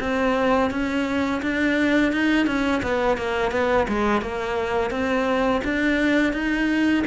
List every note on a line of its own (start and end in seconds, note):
0.00 0.70 C4
0.70 1.41 C#4
1.42 2.12 D4
2.12 2.46 D#4
2.46 2.82 C#4
2.82 3.17 B3
3.17 3.51 A#3
3.51 3.87 B3
3.88 4.21 G#3
4.21 4.90 A#3
4.90 5.61 C4
5.64 6.33 D4
6.33 7.03 D#4